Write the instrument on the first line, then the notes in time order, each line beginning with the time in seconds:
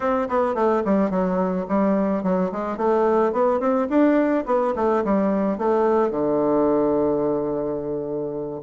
bassoon
0.00 C4
0.28 B3
0.55 A3
0.84 G3
1.10 F#3
1.68 G3
2.23 F#3
2.52 G#3
2.77 A3
3.32 B3
3.60 C4
3.89 D4
4.46 B3
4.75 A3
5.04 G3
5.58 A3
6.10 D3